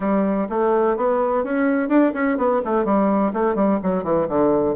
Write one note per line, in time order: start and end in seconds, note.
0.00 0.48 G3
0.49 0.96 A3
0.97 1.44 B3
1.44 1.89 C#4
1.89 2.12 D4
2.13 2.37 C#4
2.37 2.61 B3
2.65 2.84 A3
2.84 3.32 G3
3.33 3.55 A3
3.55 3.79 G3
3.82 4.03 F#3
4.03 4.27 E3
4.28 4.75 D3